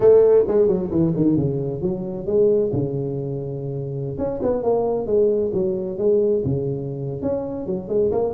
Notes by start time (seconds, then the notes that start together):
0.00 A3
0.47 G#3
0.67 F#3
0.90 E3
1.15 D#3
1.36 C#3
1.81 F#3
2.26 G#3
2.73 C#3
4.17 C#4
4.42 B3
4.62 A#3
5.06 G#3
5.53 F#3
5.98 G#3
6.44 C#3
7.21 C#4
7.66 F#3
7.88 G#3
8.11 A#3